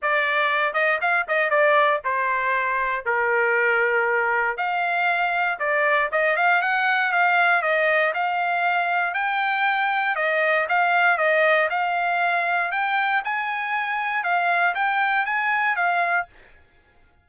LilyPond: \new Staff \with { instrumentName = "trumpet" } { \time 4/4 \tempo 4 = 118 d''4. dis''8 f''8 dis''8 d''4 | c''2 ais'2~ | ais'4 f''2 d''4 | dis''8 f''8 fis''4 f''4 dis''4 |
f''2 g''2 | dis''4 f''4 dis''4 f''4~ | f''4 g''4 gis''2 | f''4 g''4 gis''4 f''4 | }